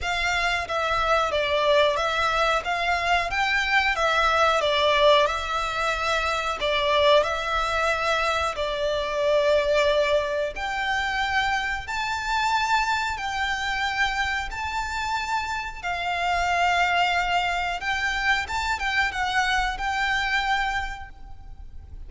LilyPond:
\new Staff \with { instrumentName = "violin" } { \time 4/4 \tempo 4 = 91 f''4 e''4 d''4 e''4 | f''4 g''4 e''4 d''4 | e''2 d''4 e''4~ | e''4 d''2. |
g''2 a''2 | g''2 a''2 | f''2. g''4 | a''8 g''8 fis''4 g''2 | }